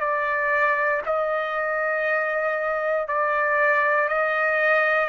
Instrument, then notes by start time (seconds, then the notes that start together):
trumpet
0.00 D5
1.06 D#5
3.08 D5
4.09 D#5